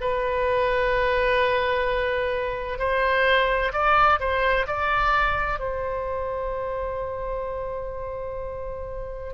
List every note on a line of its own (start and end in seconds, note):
0.00 2.78 B4
2.78 3.72 C5
3.72 4.19 D5
4.19 4.66 C5
4.67 5.59 D5
5.59 9.33 C5